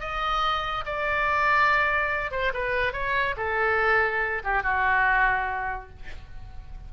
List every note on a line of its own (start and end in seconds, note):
0.00 0.85 D#5
0.85 2.31 D5
2.31 2.52 C5
2.54 2.93 B4
2.93 3.35 C#5
3.37 4.42 A4
4.44 4.63 G4
4.63 5.89 F#4